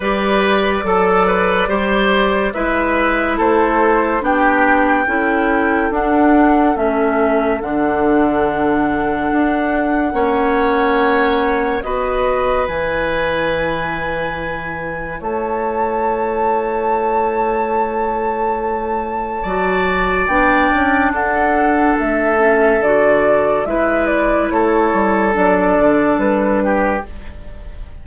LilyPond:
<<
  \new Staff \with { instrumentName = "flute" } { \time 4/4 \tempo 4 = 71 d''2. e''4 | c''4 g''2 fis''4 | e''4 fis''2.~ | fis''2 dis''4 gis''4~ |
gis''2 a''2~ | a''1 | g''4 fis''4 e''4 d''4 | e''8 d''8 cis''4 d''4 b'4 | }
  \new Staff \with { instrumentName = "oboe" } { \time 4/4 b'4 a'8 b'8 c''4 b'4 | a'4 g'4 a'2~ | a'1 | cis''2 b'2~ |
b'2 cis''2~ | cis''2. d''4~ | d''4 a'2. | b'4 a'2~ a'8 g'8 | }
  \new Staff \with { instrumentName = "clarinet" } { \time 4/4 g'4 a'4 g'4 e'4~ | e'4 d'4 e'4 d'4 | cis'4 d'2. | cis'2 fis'4 e'4~ |
e'1~ | e'2. fis'4 | d'2~ d'8 cis'8 fis'4 | e'2 d'2 | }
  \new Staff \with { instrumentName = "bassoon" } { \time 4/4 g4 fis4 g4 gis4 | a4 b4 cis'4 d'4 | a4 d2 d'4 | ais2 b4 e4~ |
e2 a2~ | a2. fis4 | b8 cis'8 d'4 a4 d4 | gis4 a8 g8 fis8 d8 g4 | }
>>